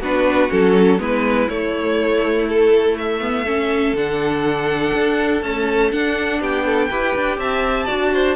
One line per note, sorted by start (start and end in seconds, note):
0.00 0.49 B3
0.00 0.49 D4
0.00 0.99 F#4
0.00 0.51 B4
0.49 0.99 F#3
0.49 0.98 C#4
0.49 1.00 A4
0.98 1.48 G#3
0.98 1.47 B3
0.98 3.44 E4
0.98 1.49 B4
1.49 3.20 A3
1.49 3.93 A3
1.49 2.47 C#5
2.49 2.98 A4
2.98 3.96 E5
3.20 3.45 B3
3.44 3.96 C#4
3.44 6.39 A4
3.93 4.91 D3
3.93 5.43 D4
3.93 5.43 F#5
4.94 5.42 D4
5.42 5.92 A3
5.42 5.92 C#4
5.42 5.92 A5
5.92 6.90 D4
5.92 6.40 D4
5.92 6.42 F#5
6.40 6.90 B3
6.40 6.65 G4
6.40 7.39 G5
6.65 6.89 A4
6.89 7.15 E4
6.89 7.88 G4
6.89 7.39 B4
7.16 7.37 D4
7.37 7.87 C4
7.37 7.85 E5
7.37 8.36 A5
7.85 8.36 D4
7.85 8.36 F#4
7.85 8.10 D5
8.13 8.36 C5